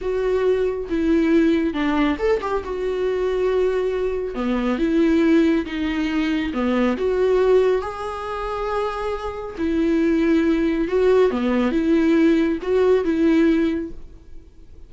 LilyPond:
\new Staff \with { instrumentName = "viola" } { \time 4/4 \tempo 4 = 138 fis'2 e'2 | d'4 a'8 g'8 fis'2~ | fis'2 b4 e'4~ | e'4 dis'2 b4 |
fis'2 gis'2~ | gis'2 e'2~ | e'4 fis'4 b4 e'4~ | e'4 fis'4 e'2 | }